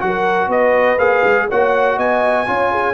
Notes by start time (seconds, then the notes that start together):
0.00 F#3 F#4 F#5
0.07 A#4
0.48 B3 B4 D#5
0.98 A#3 G#4 F5
1.24 G#3
1.49 A#3 F#4 C#5 F#5
1.97 B3 D#5 G#5
2.47 C#4 F4 C#5
2.72 G#4